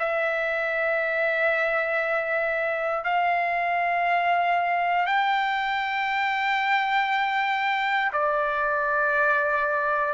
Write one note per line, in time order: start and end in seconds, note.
0.00 3.05 E5
3.05 5.07 F5
5.07 8.12 G5
8.13 10.14 D5